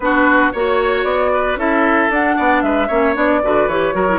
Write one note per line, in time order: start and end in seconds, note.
0.00 0.52 B3
0.00 0.54 D4
0.00 0.52 F#4
0.00 0.52 B4
0.52 1.03 A#3
0.52 1.57 F#4
0.52 1.31 C#5
0.52 1.04 C#5
1.03 1.56 B3
1.03 1.57 D5
1.33 1.58 B4
1.56 2.08 C#4
1.56 2.10 E4
1.56 2.36 A4
1.56 2.11 E5
2.09 2.35 D4
2.09 2.89 D4
2.09 2.62 F#5
2.36 2.62 B3
2.36 2.62 D5
2.62 2.88 G#3
2.62 2.87 B4
2.62 3.14 E5
2.87 3.16 A#3
2.87 3.14 C#4
2.87 3.40 C#5
3.14 3.42 B3
3.14 3.40 D4
3.14 3.68 D5
3.43 3.67 D3
3.43 3.69 F#4
3.43 3.95 B4
3.67 3.93 E3
3.67 3.93 G4
3.67 4.19 C#5
3.93 4.19 F#3
3.93 4.06 F#4
3.93 4.19 A#4
4.08 4.19 E4